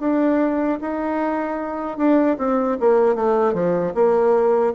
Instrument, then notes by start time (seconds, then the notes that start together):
bassoon
0.00 D4
0.81 D#4
1.98 D4
2.38 C4
2.80 A#3
3.15 A3
3.54 F3
3.94 A#3